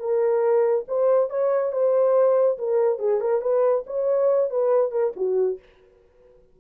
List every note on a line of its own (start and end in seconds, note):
0.00 0.86 A#4
0.88 1.30 C5
1.30 1.73 C#5
1.73 2.59 C5
2.59 3.00 A#4
3.00 3.21 G#4
3.21 3.42 A#4
3.42 3.85 B4
3.87 4.51 C#5
4.51 4.92 B4
4.92 5.14 A#4
5.17 5.59 F#4